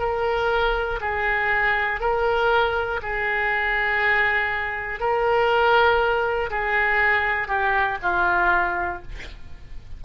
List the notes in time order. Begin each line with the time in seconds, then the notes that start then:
0.00 A#4
1.01 G#4
2.01 A#4
3.03 G#4
5.00 A#4
6.50 G#4
7.48 G4
8.02 F4